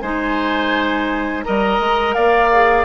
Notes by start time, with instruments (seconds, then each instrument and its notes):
0.00 bassoon G#3, clarinet D#4, oboe C5, flute G#5
1.43 bassoon G3, clarinet A#4, oboe D#5, flute A#5
1.79 bassoon G#3
2.14 bassoon A#3, oboe D5, flute F5
2.52 clarinet G#4